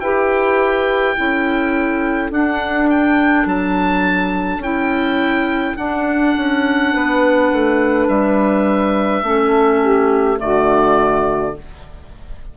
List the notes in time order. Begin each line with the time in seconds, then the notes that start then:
0.00 E4 G4 B4 G5
1.14 C#4 E4 A4
2.31 D4 F#5
2.90 G5
3.46 F#3 A5
4.58 C#4 E4 G5
5.76 D4 F#5
6.37 C#4
6.93 B3 B4
7.52 A3
8.08 G3 E5
9.22 A3 C#4 A4
9.81 G4
10.37 D3 A3 F#4 D5